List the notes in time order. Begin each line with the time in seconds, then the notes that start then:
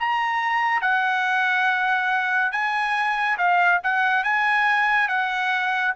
0.00 A#5
0.82 F#5
2.52 G#5
3.38 F5
3.84 F#5
4.24 G#5
5.08 F#5